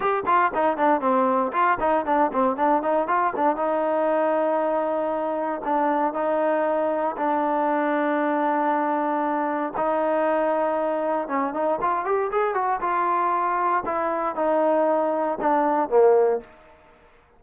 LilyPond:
\new Staff \with { instrumentName = "trombone" } { \time 4/4 \tempo 4 = 117 g'8 f'8 dis'8 d'8 c'4 f'8 dis'8 | d'8 c'8 d'8 dis'8 f'8 d'8 dis'4~ | dis'2. d'4 | dis'2 d'2~ |
d'2. dis'4~ | dis'2 cis'8 dis'8 f'8 g'8 | gis'8 fis'8 f'2 e'4 | dis'2 d'4 ais4 | }